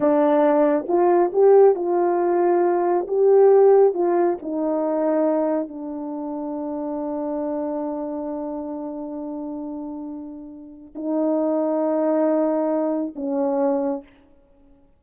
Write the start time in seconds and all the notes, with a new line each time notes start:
0.00 D4
0.88 F4
1.33 G4
1.75 F4
3.07 G4
3.94 F4
4.42 D#4
5.68 D4
10.95 D#4
13.15 C#4